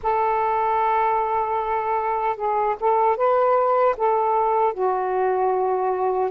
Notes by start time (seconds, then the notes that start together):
0.02 A4
2.36 G#4
2.80 A4
3.16 B4
3.97 A4
4.73 F#4